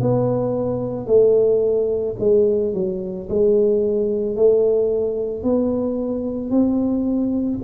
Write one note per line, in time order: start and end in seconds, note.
0.00 1.06 B3
1.06 2.15 A3
2.19 2.73 G#3
2.73 3.28 F#3
3.29 4.36 G#3
4.36 5.43 A3
5.43 6.50 B3
6.50 7.59 C4